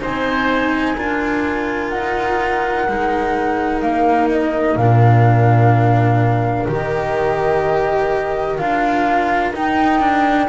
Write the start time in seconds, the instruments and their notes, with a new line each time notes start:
0.00 double bass C4, cello D#4, oboe C5, flute G#5
0.95 double bass D4, cello F4, oboe A#4
1.89 double bass D#4, flute F#5
2.88 double bass G#3, cello D#4
3.81 double bass A#3, flute F5
4.31 flute D#5
4.76 double bass A#2, cello D4, flute F5
6.68 double bass D#3, cello G4, flute D#5
8.57 double bass D4, cello F4, flute F5
9.53 double bass D#4, cello D#4, flute G5
10.00 cello D4